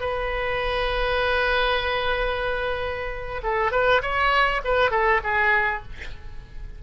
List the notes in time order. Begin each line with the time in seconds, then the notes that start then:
0.00 B4
3.43 A4
3.72 B4
4.02 C#5
4.65 B4
4.91 A4
5.24 G#4